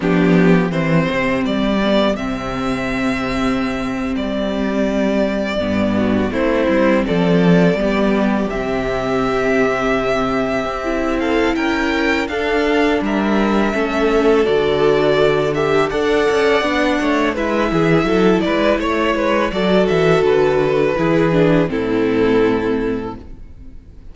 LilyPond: <<
  \new Staff \with { instrumentName = "violin" } { \time 4/4 \tempo 4 = 83 g'4 c''4 d''4 e''4~ | e''4.~ e''16 d''2~ d''16~ | d''8. c''4 d''2 e''16~ | e''2.~ e''8 f''8 |
g''4 f''4 e''2 | d''4. e''8 fis''2 | e''4. d''8 cis''4 d''8 e''8 | b'2 a'2 | }
  \new Staff \with { instrumentName = "violin" } { \time 4/4 d'4 g'2.~ | g'1~ | g'16 fis'8 e'4 a'4 g'4~ g'16~ | g'2.~ g'8 a'8 |
ais'4 a'4 ais'4 a'4~ | a'2 d''4. cis''8 | b'8 gis'8 a'8 b'8 cis''8 b'8 a'4~ | a'4 gis'4 e'2 | }
  \new Staff \with { instrumentName = "viola" } { \time 4/4 b4 c'4. b8 c'4~ | c'2.~ c'8. b16~ | b8. c'2 b4 c'16~ | c'2. e'4~ |
e'4 d'2 cis'4 | fis'4. g'8 a'4 d'4 | e'2. fis'4~ | fis'4 e'8 d'8 c'2 | }
  \new Staff \with { instrumentName = "cello" } { \time 4/4 f4 e8 c8 g4 c4~ | c4.~ c16 g2 g,16~ | g,8. a8 g8 f4 g4 c16~ | c2~ c8. c'4~ c'16 |
cis'4 d'4 g4 a4 | d2 d'8 cis'8 b8 a8 | gis8 e8 fis8 gis8 a8 gis8 fis8 e8 | d4 e4 a,2 | }
>>